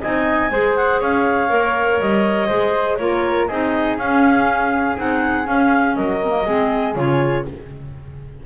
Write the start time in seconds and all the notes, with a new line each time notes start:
0.00 C4 D#4 D#5 G#5
0.50 G#3 G#4 C5
0.76 F#5
0.99 C#4 C#5 F5
1.49 A#3 A#4
2.00 G3 D#5
2.48 G#3 G#4 C5
2.96 A#3 F4 A#4 C#5
3.47 C4 D#4 G#4 D#5
3.97 C#4 F5
4.96 C4 D#4 F#5
5.44 C#4 F5
5.95 F#3 A#4 D#5
6.23 A#3 C4
6.45 G#3 C4 G#4
6.95 C#3 F4 C#5